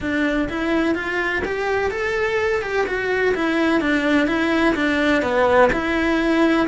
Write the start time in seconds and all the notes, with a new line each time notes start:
0.00 D4
0.49 E4
0.94 F4
1.44 G4
1.90 A4
2.62 G4
2.86 F#4
3.34 E4
3.80 D4
4.27 E4
4.75 D4
5.22 B3
5.72 E4